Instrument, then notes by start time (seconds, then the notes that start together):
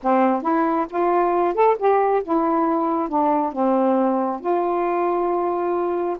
saxophone
0.03 C4
0.42 E4
0.89 F4
1.54 A4
1.78 G4
2.23 E4
3.08 D4
3.52 C4
4.40 F4